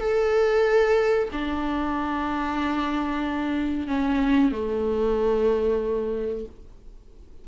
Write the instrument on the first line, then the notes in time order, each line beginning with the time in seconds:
viola
0.00 A4
1.32 D4
3.87 C#4
4.52 A3